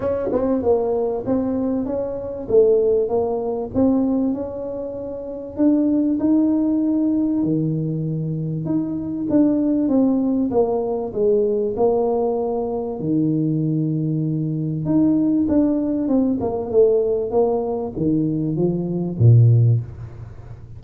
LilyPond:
\new Staff \with { instrumentName = "tuba" } { \time 4/4 \tempo 4 = 97 cis'8 c'8 ais4 c'4 cis'4 | a4 ais4 c'4 cis'4~ | cis'4 d'4 dis'2 | dis2 dis'4 d'4 |
c'4 ais4 gis4 ais4~ | ais4 dis2. | dis'4 d'4 c'8 ais8 a4 | ais4 dis4 f4 ais,4 | }